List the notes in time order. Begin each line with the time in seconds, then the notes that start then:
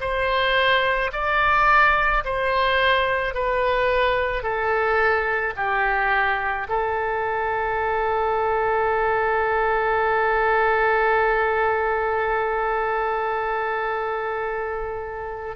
0.00 C5
1.13 D5
2.25 C5
3.34 B4
4.43 A4
5.57 G4
6.69 A4